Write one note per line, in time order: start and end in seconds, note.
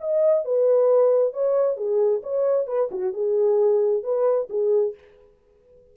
0.00 0.45 D#5
0.45 1.33 B4
1.33 1.77 C#5
1.77 2.22 G#4
2.23 2.67 C#5
2.67 2.90 B4
2.91 3.14 F#4
3.14 4.04 G#4
4.04 4.49 B4
4.50 4.95 G#4